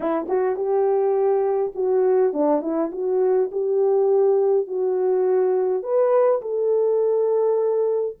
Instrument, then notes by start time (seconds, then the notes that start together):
horn
0.00 E4
0.28 F#4
0.56 G4
1.74 F#4
2.33 D4
2.61 E4
2.92 F#4
3.51 G4
4.67 F#4
5.83 B4
6.41 A4